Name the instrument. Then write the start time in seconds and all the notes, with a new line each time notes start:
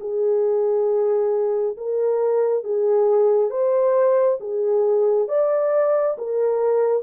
horn
0.00 G#4
1.77 A#4
2.64 G#4
3.50 C5
4.40 G#4
5.28 D5
6.18 A#4